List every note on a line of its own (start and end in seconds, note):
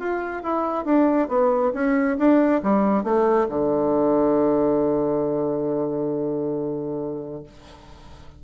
0.00 0.43 F4
0.43 0.86 E4
0.86 1.29 D4
1.29 1.73 B3
1.74 2.18 C#4
2.19 2.62 D4
2.64 3.04 G3
3.04 3.48 A3
3.50 7.44 D3